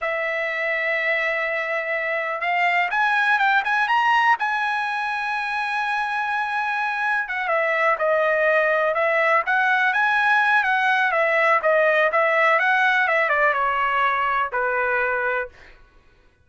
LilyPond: \new Staff \with { instrumentName = "trumpet" } { \time 4/4 \tempo 4 = 124 e''1~ | e''4 f''4 gis''4 g''8 gis''8 | ais''4 gis''2.~ | gis''2. fis''8 e''8~ |
e''8 dis''2 e''4 fis''8~ | fis''8 gis''4. fis''4 e''4 | dis''4 e''4 fis''4 e''8 d''8 | cis''2 b'2 | }